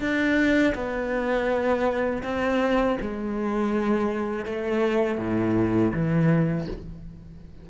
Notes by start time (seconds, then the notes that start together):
0.00 D4
0.75 B3
2.24 C4
3.01 G#3
4.46 A3
5.19 A2
5.94 E3